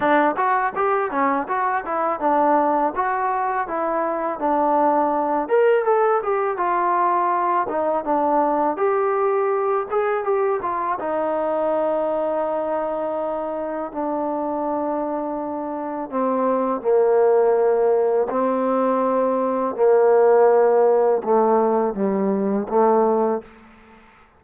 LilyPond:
\new Staff \with { instrumentName = "trombone" } { \time 4/4 \tempo 4 = 82 d'8 fis'8 g'8 cis'8 fis'8 e'8 d'4 | fis'4 e'4 d'4. ais'8 | a'8 g'8 f'4. dis'8 d'4 | g'4. gis'8 g'8 f'8 dis'4~ |
dis'2. d'4~ | d'2 c'4 ais4~ | ais4 c'2 ais4~ | ais4 a4 g4 a4 | }